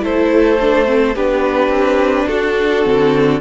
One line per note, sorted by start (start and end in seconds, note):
0.00 1.15 A3
0.00 0.57 E4
0.00 1.15 A4
0.00 1.16 C5
0.60 0.85 D4
0.85 1.13 C4
1.15 1.68 B3
1.15 2.83 D4
1.15 2.27 G4
1.15 2.27 B4
1.68 2.25 C4
2.27 2.85 D4
2.27 3.40 F#4
2.27 3.40 A4
2.83 3.40 D3
2.83 3.40 C4